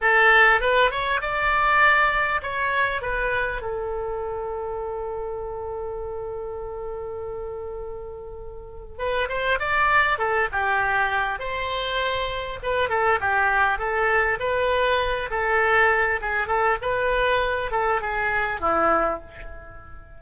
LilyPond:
\new Staff \with { instrumentName = "oboe" } { \time 4/4 \tempo 4 = 100 a'4 b'8 cis''8 d''2 | cis''4 b'4 a'2~ | a'1~ | a'2. b'8 c''8 |
d''4 a'8 g'4. c''4~ | c''4 b'8 a'8 g'4 a'4 | b'4. a'4. gis'8 a'8 | b'4. a'8 gis'4 e'4 | }